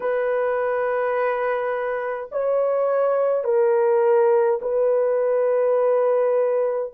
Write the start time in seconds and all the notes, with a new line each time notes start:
0.00 B4
2.31 C#5
3.44 A#4
4.62 B4